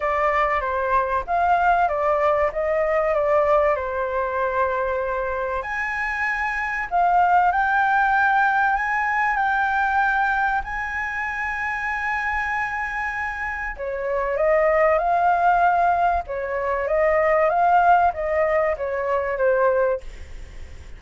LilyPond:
\new Staff \with { instrumentName = "flute" } { \time 4/4 \tempo 4 = 96 d''4 c''4 f''4 d''4 | dis''4 d''4 c''2~ | c''4 gis''2 f''4 | g''2 gis''4 g''4~ |
g''4 gis''2.~ | gis''2 cis''4 dis''4 | f''2 cis''4 dis''4 | f''4 dis''4 cis''4 c''4 | }